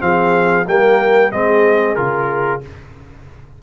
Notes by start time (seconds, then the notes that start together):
0.00 F3 C4 G#4 F5
0.67 G3 A#3 A#4 G5
1.32 G#3 C4 G#4 D#5
1.96 C#3 F4 A#4